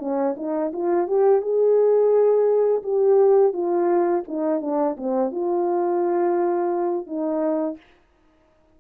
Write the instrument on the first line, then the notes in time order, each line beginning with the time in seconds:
horn
0.00 C#4
0.37 D#4
0.73 F4
1.08 G4
1.42 G#4
2.83 G4
3.54 F4
4.28 D#4
4.61 D4
4.98 C4
5.32 F4
7.07 D#4